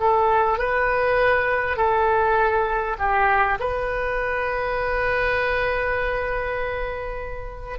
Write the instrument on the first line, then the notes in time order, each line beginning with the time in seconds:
oboe
0.00 A4
0.58 B4
1.77 A4
2.98 G4
3.59 B4